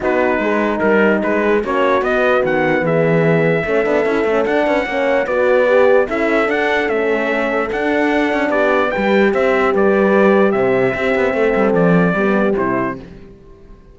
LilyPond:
<<
  \new Staff \with { instrumentName = "trumpet" } { \time 4/4 \tempo 4 = 148 b'2 ais'4 b'4 | cis''4 dis''4 fis''4 e''4~ | e''2. fis''4~ | fis''4 d''2 e''4 |
fis''4 e''2 fis''4~ | fis''4 d''4 g''4 e''4 | d''2 e''2~ | e''4 d''2 c''4 | }
  \new Staff \with { instrumentName = "horn" } { \time 4/4 fis'4 gis'4 ais'4 gis'4 | fis'2. gis'4~ | gis'4 a'2~ a'8 b'8 | cis''4 b'2 a'4~ |
a'1~ | a'4 g'4 b'4 c''4 | b'2 c''4 g'4 | a'2 g'2 | }
  \new Staff \with { instrumentName = "horn" } { \time 4/4 dis'1 | cis'4 b2.~ | b4 cis'8 d'8 e'8 cis'8 d'4 | cis'4 fis'4 g'4 e'4 |
d'4 cis'2 d'4~ | d'2 g'2~ | g'2. c'4~ | c'2 b4 e'4 | }
  \new Staff \with { instrumentName = "cello" } { \time 4/4 b4 gis4 g4 gis4 | ais4 b4 dis4 e4~ | e4 a8 b8 cis'8 a8 d'8 cis'8 | ais4 b2 cis'4 |
d'4 a2 d'4~ | d'8 cis'8 b4 g4 c'4 | g2 c4 c'8 b8 | a8 g8 f4 g4 c4 | }
>>